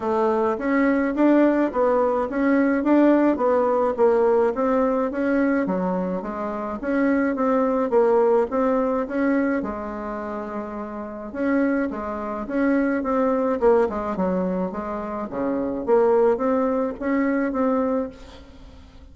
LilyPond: \new Staff \with { instrumentName = "bassoon" } { \time 4/4 \tempo 4 = 106 a4 cis'4 d'4 b4 | cis'4 d'4 b4 ais4 | c'4 cis'4 fis4 gis4 | cis'4 c'4 ais4 c'4 |
cis'4 gis2. | cis'4 gis4 cis'4 c'4 | ais8 gis8 fis4 gis4 cis4 | ais4 c'4 cis'4 c'4 | }